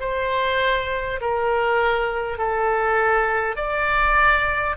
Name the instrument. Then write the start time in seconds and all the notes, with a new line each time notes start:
oboe
0.00 C5
1.21 A#4
2.38 A4
3.56 D5